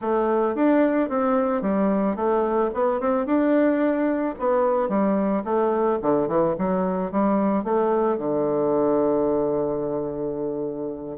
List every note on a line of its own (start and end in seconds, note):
0.01 0.55 A3
0.55 1.09 D4
1.09 1.61 C4
1.61 2.15 G3
2.15 2.70 A3
2.74 3.00 B3
3.00 3.26 C4
3.26 4.35 D4
4.39 4.88 B3
4.88 5.43 G3
5.44 5.99 A3
6.02 6.28 D3
6.28 6.55 E3
6.58 7.11 F#3
7.11 7.64 G3
7.64 8.18 A3
8.18 11.18 D3